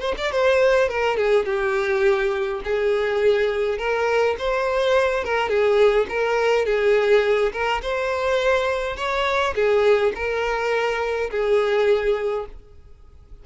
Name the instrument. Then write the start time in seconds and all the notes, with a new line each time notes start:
violin
0.00 C5
0.18 D5
0.32 C5
0.89 A#4
1.17 G#4
1.46 G4
2.64 G#4
3.78 A#4
4.38 C5
5.24 A#4
5.49 G#4
6.09 A#4
6.66 G#4
7.52 A#4
7.82 C5
8.97 C#5
9.55 G#4
10.15 A#4
11.31 G#4